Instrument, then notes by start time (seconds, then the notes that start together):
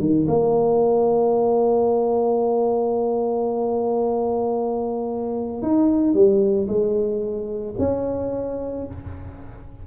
tuba
0.00 D#3
0.28 A#3
5.62 D#4
6.14 G3
6.68 G#3
7.79 C#4